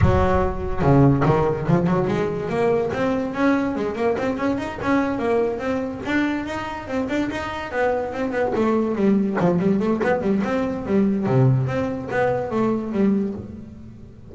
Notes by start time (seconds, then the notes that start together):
0.01 F#3
0.81 C#3
1.25 D#3
1.67 F3
1.87 F#3
2.07 G#3
2.49 A#3
2.93 C4
3.33 C#4
3.75 G#3
3.95 A#3
4.18 C4
4.37 C#4
4.57 D#4
4.82 C#4
5.19 A#3
5.58 C4
6.05 D4
6.46 D#4
6.87 C4
7.08 D4
7.30 D#4
7.71 B3
8.12 C4
8.31 B3
8.55 A3
8.95 G3
9.40 F3
9.59 G3
9.79 A3
10.03 B3
10.21 G3
10.44 C4
10.86 G3
11.26 C3
11.66 C4
12.10 B3
12.50 A3
12.92 G3